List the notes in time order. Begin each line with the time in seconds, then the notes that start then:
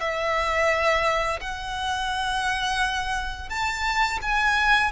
0.00 E5
1.40 F#5
3.49 A5
4.21 G#5